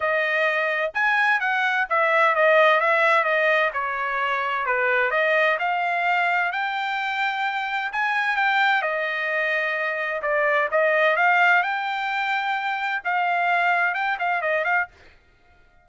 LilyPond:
\new Staff \with { instrumentName = "trumpet" } { \time 4/4 \tempo 4 = 129 dis''2 gis''4 fis''4 | e''4 dis''4 e''4 dis''4 | cis''2 b'4 dis''4 | f''2 g''2~ |
g''4 gis''4 g''4 dis''4~ | dis''2 d''4 dis''4 | f''4 g''2. | f''2 g''8 f''8 dis''8 f''8 | }